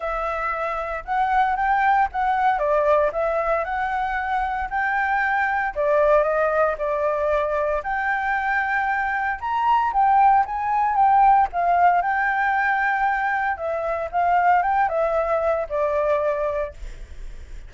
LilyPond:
\new Staff \with { instrumentName = "flute" } { \time 4/4 \tempo 4 = 115 e''2 fis''4 g''4 | fis''4 d''4 e''4 fis''4~ | fis''4 g''2 d''4 | dis''4 d''2 g''4~ |
g''2 ais''4 g''4 | gis''4 g''4 f''4 g''4~ | g''2 e''4 f''4 | g''8 e''4. d''2 | }